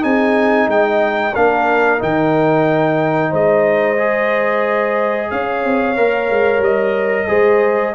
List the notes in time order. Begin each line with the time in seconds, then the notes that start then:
0.00 C4 D#4 G#4 G#5
0.67 G#3 D#5 G5
1.33 A#3 D4 A#4 F5
1.99 D#3 D#4 G5
3.30 G#3 C5 D#5
3.98 G#4
5.30 C#4 C#5 F5
5.65 C4
5.96 A#3 A#4
6.30 G#3
6.59 G3 D#5
7.27 G#3 G#4 C5